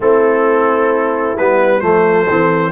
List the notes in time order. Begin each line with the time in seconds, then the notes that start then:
0.00 A3 C4 E4 A4
1.37 G3 B3 B4
1.80 F3 A3 A4 C5
2.28 E3 C4